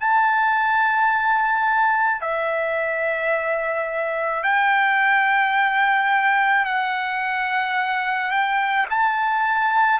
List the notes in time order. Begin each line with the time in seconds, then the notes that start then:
0.00 A5
2.21 E5
4.43 G5
6.65 F#5
8.31 G5
8.90 A5